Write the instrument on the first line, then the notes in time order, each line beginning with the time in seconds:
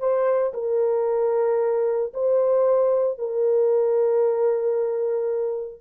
horn
0.00 C5
0.54 A#4
2.14 C5
3.19 A#4